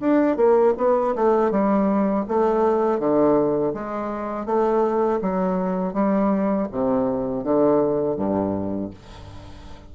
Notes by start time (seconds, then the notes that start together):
0.00 D4
0.36 A#3
0.77 B3
1.15 A3
1.51 G3
2.28 A3
2.99 D3
3.74 G#3
4.45 A3
5.21 F#3
5.93 G3
6.71 C3
7.43 D3
8.16 G2